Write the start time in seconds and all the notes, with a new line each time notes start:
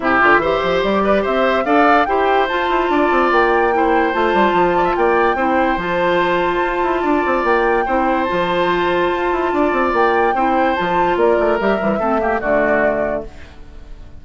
0.00 C3 E4 G4 E5
0.20 D3 F4
0.37 E3 C5
0.43 G4
0.63 F3
0.83 G3 D5
1.03 B4
1.22 C4 C5 E5
1.65 D4 A4 D5 F5
2.05 E4 G4 C5 G5
2.47 F4 A5
2.69 E4
2.89 D4 D5
3.10 C4
3.31 A#3 G5
3.72 E4 C5
4.12 A3 F4 A5
4.33 G3
4.52 F3
4.76 D5
4.84 E5
4.96 A#3 D5 G5
5.34 C4 E4 C5
5.76 F3 F4 A5
6.63 F4
6.82 E4
7.01 D4 D5
7.25 C4
7.43 A#3 G5
7.85 C4 E4 C5
8.24 F4 A5
8.31 F3
9.11 F4
9.32 E4
9.52 D4 D5
9.72 C4
9.92 A#3 G5
10.34 C4 E4 C5
10.75 F3 F4 A5
11.16 A#3 A#4 D5
11.39 A3
11.59 G3 G4 E5
11.77 E3 G3
11.99 A3 C4 A4
12.19 A#3 G4
12.40 D3 A3 F#4 D5